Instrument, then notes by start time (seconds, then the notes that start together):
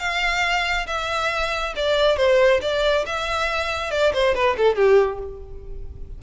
violin
0.00 F5
0.87 E5
1.76 D5
2.17 C5
2.62 D5
3.06 E5
3.92 D5
4.14 C5
4.35 B4
4.58 A4
4.76 G4